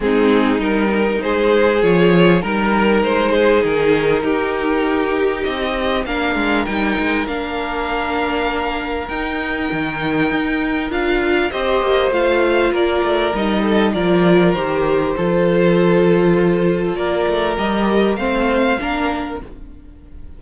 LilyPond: <<
  \new Staff \with { instrumentName = "violin" } { \time 4/4 \tempo 4 = 99 gis'4 ais'4 c''4 cis''4 | ais'4 c''4 ais'2~ | ais'4 dis''4 f''4 g''4 | f''2. g''4~ |
g''2 f''4 dis''4 | f''4 d''4 dis''4 d''4 | c''1 | d''4 dis''4 f''2 | }
  \new Staff \with { instrumentName = "violin" } { \time 4/4 dis'2 gis'2 | ais'4. gis'4. g'4~ | g'2 ais'2~ | ais'1~ |
ais'2. c''4~ | c''4 ais'4. a'8 ais'4~ | ais'4 a'2. | ais'2 c''4 ais'4 | }
  \new Staff \with { instrumentName = "viola" } { \time 4/4 c'4 dis'2 f'4 | dis'1~ | dis'2 d'4 dis'4 | d'2. dis'4~ |
dis'2 f'4 g'4 | f'2 dis'4 f'4 | g'4 f'2.~ | f'4 g'4 c'4 d'4 | }
  \new Staff \with { instrumentName = "cello" } { \time 4/4 gis4 g4 gis4 f4 | g4 gis4 dis4 dis'4~ | dis'4 c'4 ais8 gis8 g8 gis8 | ais2. dis'4 |
dis4 dis'4 d'4 c'8 ais8 | a4 ais8 a8 g4 f4 | dis4 f2. | ais8 a8 g4 a4 ais4 | }
>>